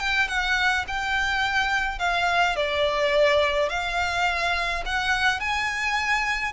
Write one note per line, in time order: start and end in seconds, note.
0.00 0.29 G5
0.29 0.86 F#5
0.88 1.99 G5
1.99 2.56 F5
2.56 3.70 D5
3.70 4.84 F5
4.86 5.41 F#5
5.41 6.53 G#5